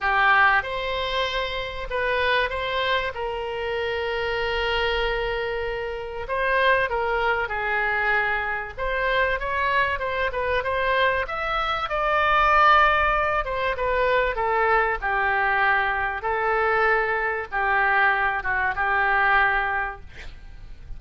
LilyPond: \new Staff \with { instrumentName = "oboe" } { \time 4/4 \tempo 4 = 96 g'4 c''2 b'4 | c''4 ais'2.~ | ais'2 c''4 ais'4 | gis'2 c''4 cis''4 |
c''8 b'8 c''4 e''4 d''4~ | d''4. c''8 b'4 a'4 | g'2 a'2 | g'4. fis'8 g'2 | }